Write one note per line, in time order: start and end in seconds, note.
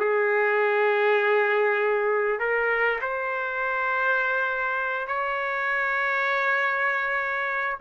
0.00 2.40 G#4
2.40 3.00 A#4
3.02 5.08 C5
5.08 7.78 C#5